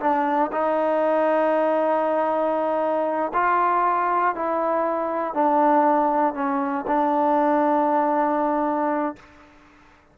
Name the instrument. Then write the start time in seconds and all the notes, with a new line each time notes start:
trombone
0.00 D4
0.52 D#4
3.33 F4
4.35 E4
5.34 D4
6.34 C#4
6.87 D4